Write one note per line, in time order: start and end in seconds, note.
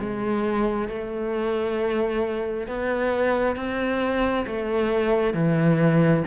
0.00 0.88 G#3
0.88 2.67 A3
2.67 3.56 B3
3.56 4.46 C4
4.46 5.33 A3
5.33 6.23 E3